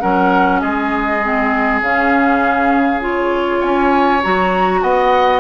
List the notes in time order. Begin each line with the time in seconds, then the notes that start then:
0.00 F#3 C#4 A#4 F#5
0.60 G#3 G#4 D#5
1.23 C4
1.81 C#3 C#4 F5
3.00 F4 C#5
3.60 C#4 C#5 G#5
4.23 F#3 F#4 A#5
4.82 B3 D#5 F#5